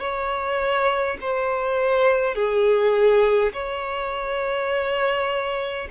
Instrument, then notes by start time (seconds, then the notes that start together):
violin
0.00 C#5
1.20 C5
2.34 G#4
3.52 C#5